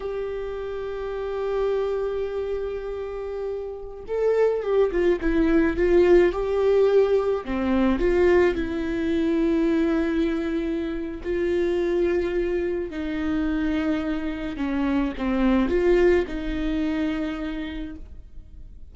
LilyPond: \new Staff \with { instrumentName = "viola" } { \time 4/4 \tempo 4 = 107 g'1~ | g'2.~ g'16 a'8.~ | a'16 g'8 f'8 e'4 f'4 g'8.~ | g'4~ g'16 c'4 f'4 e'8.~ |
e'1 | f'2. dis'4~ | dis'2 cis'4 c'4 | f'4 dis'2. | }